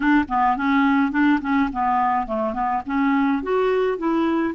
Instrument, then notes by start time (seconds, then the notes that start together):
clarinet
0.00 D4
0.28 B3
0.56 C#4
1.11 D4
1.41 C#4
1.72 B3
2.26 A3
2.53 B3
2.86 C#4
3.42 F#4
3.98 E4